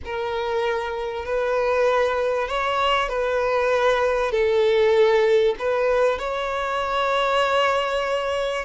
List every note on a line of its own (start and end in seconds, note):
0.04 1.25 A#4
1.25 2.47 B4
2.47 3.08 C#5
3.08 4.31 B4
4.31 5.55 A4
5.58 6.18 B4
6.18 8.65 C#5